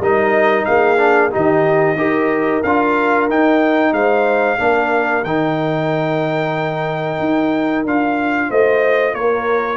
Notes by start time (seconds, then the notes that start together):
0.00 G3 D#4 A#4 D#5
0.65 A#3 G#4 F5
0.98 D4
1.31 D#3 D#4 G4 D#5
1.96 D#4 G4 A#4
2.63 D4 F4 F5
3.29 D#4 G5
3.93 G#3 C5 F5
4.58 A#3 D4 A#4
5.24 D#3 D#4 G5
7.20 D#4
7.85 D4 F4 F5
8.49 A3 C5 D#5
9.15 A#3 A#4 C#5